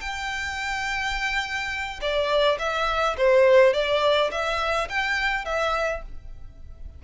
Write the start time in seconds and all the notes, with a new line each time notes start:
0.00 G5
2.01 D5
2.59 E5
3.17 C5
3.73 D5
4.31 E5
4.89 G5
5.45 E5